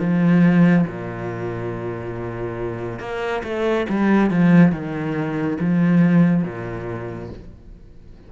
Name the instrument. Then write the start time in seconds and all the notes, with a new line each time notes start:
cello
0.00 F3
0.88 A#2
3.00 A#3
3.44 A3
3.90 G3
4.31 F3
4.73 D#3
5.61 F3
6.44 A#2